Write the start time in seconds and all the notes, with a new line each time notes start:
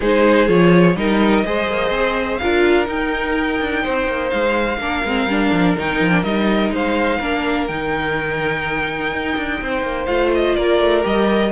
0.00 G#3 D#4 G#4 C5
0.47 F3 F4 C#5
0.96 G3 D#4 A#4 D#5
1.44 G#3 G#4 C5
1.68 A#3
1.90 C4
2.37 D4 F4 A#4 F5
2.85 D#4 G5
3.60 D4
3.82 C4 C5
4.07 A#3
4.29 G#3 F5
4.77 A#3 D4 A#4
5.04 G#3 C4
5.25 G3 D4
5.52 F3
5.77 D#3 D#4 G5
6.00 F3
6.11 D4
6.23 G3 D#4 D#5
6.70 G#3 C5 F5
7.19 A#3 D4 A#4
7.67 D#3 D#4 G5
9.12 D#4
9.36 D4
9.61 C4 C5
9.82 A#3
10.05 A3 F4 F5
10.34 D#5
10.55 A#3 A#4 D5
10.80 A3
11.02 G3 G4 D#5